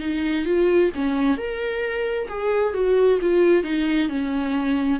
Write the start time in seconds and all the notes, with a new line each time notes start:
0.00 D#4
0.45 F4
0.95 C#4
1.37 A#4
2.29 G#4
2.74 F#4
3.21 F4
3.63 D#4
4.09 C#4